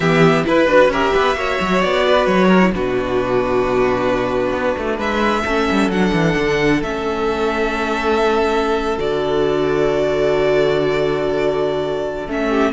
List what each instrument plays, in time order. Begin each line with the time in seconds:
0.00 cello E3, viola B3, violin G4 E5
0.44 viola E4, cello E4, violin B4
0.66 cello D4, viola F#4
0.87 cello C#4, viola G4, violin A#4 E5
1.13 cello B3, violin B4
1.35 cello A#3, viola F#4, violin C#5
1.60 cello F#3
1.81 cello B3, violin D5
2.07 violin B4
2.26 cello F#3, violin C#5
2.47 violin A#4
2.61 viola E4
2.72 cello B2, viola D4, violin F#4 B4
4.51 cello B3
4.78 cello A3
4.97 cello G#3, violin B4 E5
5.45 cello A3, viola C#4, violin A4
5.71 cello G3
5.88 cello F#3, viola D4, violin F#5
6.12 cello E3
6.36 cello D3
6.82 cello A3, viola C#4, violin E5
8.98 cello D3, viola F#4, violin D5
12.27 cello A3, viola C#4, violin E5
12.48 violin G4